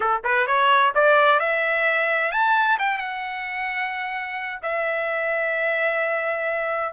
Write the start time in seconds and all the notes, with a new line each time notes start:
0.00 A4
0.23 B4
0.46 C#5
0.95 D5
1.39 E5
2.31 A5
2.79 G5
2.98 F#5
4.62 E5